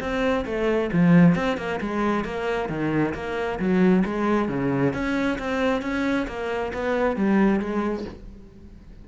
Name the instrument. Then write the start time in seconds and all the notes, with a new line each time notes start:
cello
0.00 C4
0.45 A3
0.92 F3
1.35 C4
1.57 A#3
1.80 G#3
2.24 A#3
2.69 D#3
3.14 A#3
3.59 F#3
4.05 G#3
4.49 C#3
4.93 C#4
5.38 C4
5.82 C#4
6.27 A#3
6.73 B3
7.16 G3
7.60 G#3